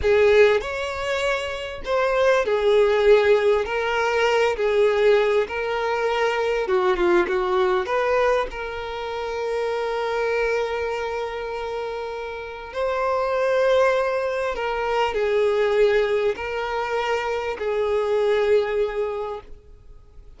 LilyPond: \new Staff \with { instrumentName = "violin" } { \time 4/4 \tempo 4 = 99 gis'4 cis''2 c''4 | gis'2 ais'4. gis'8~ | gis'4 ais'2 fis'8 f'8 | fis'4 b'4 ais'2~ |
ais'1~ | ais'4 c''2. | ais'4 gis'2 ais'4~ | ais'4 gis'2. | }